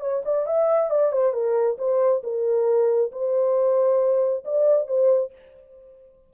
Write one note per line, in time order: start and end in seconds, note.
0.00 0.22 C#5
0.25 0.46 D5
0.46 0.90 E5
0.90 1.12 D5
1.12 1.33 C5
1.33 1.77 A#4
1.78 2.22 C5
2.23 3.11 A#4
3.11 4.44 C5
4.44 4.87 D5
4.87 5.31 C5